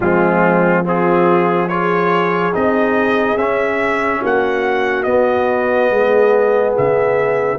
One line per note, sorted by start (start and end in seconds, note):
0.00 2.53 F3
0.00 0.84 G#3
0.00 0.85 C4
0.00 0.85 F4
0.84 1.68 C4
0.84 1.69 F4
0.84 1.68 G#4
1.68 2.52 F4
1.68 4.21 G#4
1.68 2.53 C#5
2.52 3.36 C4
2.52 3.37 D#4
2.52 3.37 D#5
3.36 4.20 C#4
3.36 5.05 C#4
3.36 4.22 E5
4.21 5.05 A#3
4.21 5.90 F#4
4.21 5.03 F#5
5.03 7.58 B3
5.03 5.90 B3
5.03 6.72 D#5
5.90 6.75 G#3
5.90 7.58 G#4
6.77 7.58 C#3
6.77 7.58 E5